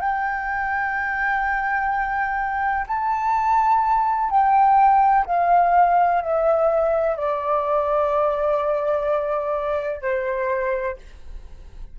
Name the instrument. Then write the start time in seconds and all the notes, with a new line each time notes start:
flute
0.00 G5
2.87 A5
4.30 G5
5.26 F5
6.21 E5
7.16 D5
10.01 C5